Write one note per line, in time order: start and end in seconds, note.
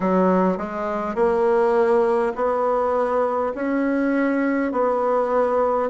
0.00 0.57 F#3
0.57 1.15 G#3
1.15 2.32 A#3
2.35 3.53 B3
3.55 4.72 C#4
4.72 5.89 B3